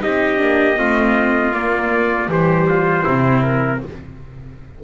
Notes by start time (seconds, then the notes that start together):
0.00 C4 D#4 G4 D#5
0.37 A#3 D4
0.77 A3 C4 F4
1.52 A#3 D5
2.28 E3 G3 G4 C5
2.69 F4
3.04 C3 C4 E4
3.43 A#4